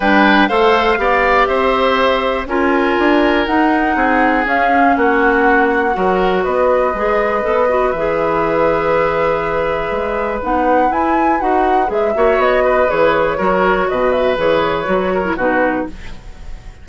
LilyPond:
<<
  \new Staff \with { instrumentName = "flute" } { \time 4/4 \tempo 4 = 121 g''4 f''2 e''4~ | e''4 gis''2 fis''4~ | fis''4 f''4 fis''2~ | fis''4 dis''2. |
e''1~ | e''4 fis''4 gis''4 fis''4 | e''4 dis''4 cis''2 | dis''8 e''8 cis''2 b'4 | }
  \new Staff \with { instrumentName = "oboe" } { \time 4/4 b'4 c''4 d''4 c''4~ | c''4 ais'2. | gis'2 fis'2 | ais'4 b'2.~ |
b'1~ | b'1~ | b'8 cis''4 b'4. ais'4 | b'2~ b'8 ais'8 fis'4 | }
  \new Staff \with { instrumentName = "clarinet" } { \time 4/4 d'4 a'4 g'2~ | g'4 f'2 dis'4~ | dis'4 cis'2. | fis'2 gis'4 a'8 fis'8 |
gis'1~ | gis'4 dis'4 e'4 fis'4 | gis'8 fis'4. gis'4 fis'4~ | fis'4 gis'4 fis'8. e'16 dis'4 | }
  \new Staff \with { instrumentName = "bassoon" } { \time 4/4 g4 a4 b4 c'4~ | c'4 cis'4 d'4 dis'4 | c'4 cis'4 ais2 | fis4 b4 gis4 b4 |
e1 | gis4 b4 e'4 dis'4 | gis8 ais8 b4 e4 fis4 | b,4 e4 fis4 b,4 | }
>>